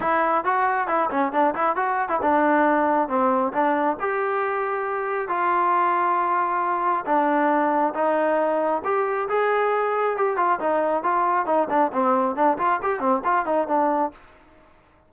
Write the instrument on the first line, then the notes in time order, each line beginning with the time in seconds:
trombone
0.00 E4
0.44 F#4
0.87 E4
1.10 C#4
1.32 D4
1.54 E4
1.75 F#4
2.08 E4
2.22 D4
3.08 C4
3.53 D4
4.00 G4
5.28 F4
7.05 D4
7.94 D#4
8.84 G4
9.28 G#4
10.16 G4
10.37 F4
10.59 D#4
11.03 F4
11.45 D#4
11.69 D4
11.92 C4
12.35 D4
12.58 F4
12.82 G4
12.99 C4
13.24 F4
13.45 D#4
13.67 D4